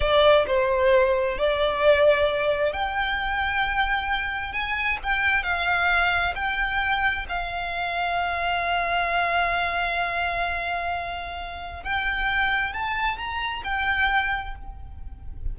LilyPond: \new Staff \with { instrumentName = "violin" } { \time 4/4 \tempo 4 = 132 d''4 c''2 d''4~ | d''2 g''2~ | g''2 gis''4 g''4 | f''2 g''2 |
f''1~ | f''1~ | f''2 g''2 | a''4 ais''4 g''2 | }